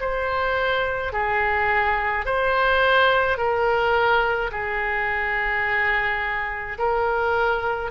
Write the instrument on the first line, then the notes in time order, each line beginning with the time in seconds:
oboe
0.00 C5
1.13 G#4
2.25 C5
3.38 A#4
4.51 G#4
6.78 A#4